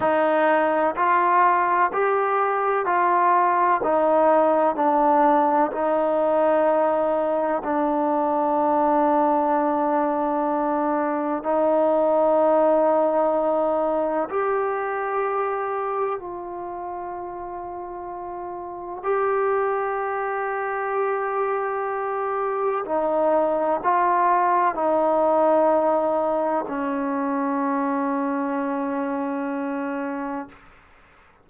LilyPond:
\new Staff \with { instrumentName = "trombone" } { \time 4/4 \tempo 4 = 63 dis'4 f'4 g'4 f'4 | dis'4 d'4 dis'2 | d'1 | dis'2. g'4~ |
g'4 f'2. | g'1 | dis'4 f'4 dis'2 | cis'1 | }